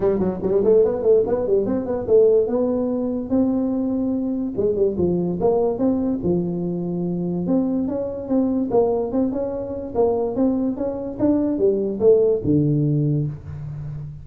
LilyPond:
\new Staff \with { instrumentName = "tuba" } { \time 4/4 \tempo 4 = 145 g8 fis8 g8 a8 b8 a8 b8 g8 | c'8 b8 a4 b2 | c'2. gis8 g8 | f4 ais4 c'4 f4~ |
f2 c'4 cis'4 | c'4 ais4 c'8 cis'4. | ais4 c'4 cis'4 d'4 | g4 a4 d2 | }